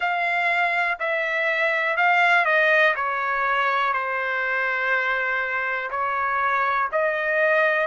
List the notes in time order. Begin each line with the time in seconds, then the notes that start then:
0.00 F5
0.99 E5
1.97 F5
2.45 D#5
2.95 C#5
3.93 C5
5.90 C#5
6.92 D#5